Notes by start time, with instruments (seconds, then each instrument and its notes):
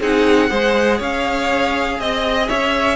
0.00 cello C4, viola D#4, violin G#4 F#5
0.49 cello G#3, viola G#4, violin C5
0.98 cello C#4, violin C#5 F5
1.99 cello C4, violin D#5
2.48 cello C#4, violin C#5 E5